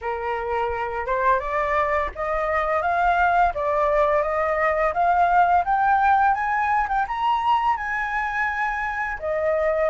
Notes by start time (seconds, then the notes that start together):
0.01 A#4
1.06 C5
1.39 D5
2.15 D#5
2.82 F5
3.54 D5
4.22 D#5
4.93 F5
5.65 G5
6.34 G#5
6.88 G5
7.07 A#5
7.76 G#5
9.19 D#5